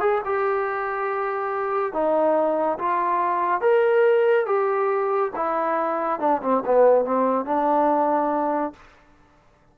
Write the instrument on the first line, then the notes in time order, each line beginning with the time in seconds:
trombone
0.00 G#4
0.25 G4
1.93 D#4
2.79 F4
3.61 A#4
4.46 G4
5.36 E4
6.20 D4
6.42 C4
6.65 B3
7.05 C4
7.45 D4